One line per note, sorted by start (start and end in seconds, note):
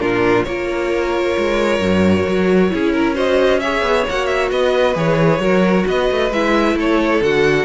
0.00 0.46 A#2
0.00 0.45 D4
0.00 0.46 F4
0.00 0.44 A#4
0.44 1.36 A#3
0.44 1.82 F4
0.44 2.73 A#4
0.44 3.14 C#5
1.38 1.80 G#3
1.80 2.25 F#2
1.80 2.70 F#4
2.28 2.73 F#3
2.70 3.82 C#4
2.70 3.14 E4
2.70 2.93 G#4
2.93 3.15 A#4
3.14 3.59 F#4
3.14 3.60 C5
3.14 3.60 D#5
3.60 4.08 G#4
3.60 4.51 C#5
3.60 4.05 E5
3.82 4.05 B3
4.09 4.51 A#3
4.09 4.95 F#4
4.09 4.26 F#5
4.26 4.49 E5
4.51 4.96 B3
4.51 5.42 B4
4.51 4.97 D#5
4.95 5.39 E3
4.95 5.40 G#4
4.95 5.87 C#5
5.39 5.84 F#3
5.39 6.30 F#4
5.39 5.87 A#4
5.87 6.10 B3
5.87 6.77 B4
5.87 6.32 D#5
6.11 6.31 A3
6.31 6.76 G#3
6.31 7.23 E4
6.31 6.78 E5
6.76 7.21 A3
6.76 7.65 A4
6.76 7.23 C#5
7.22 7.65 D3
7.22 7.65 F#4
7.22 7.65 F#5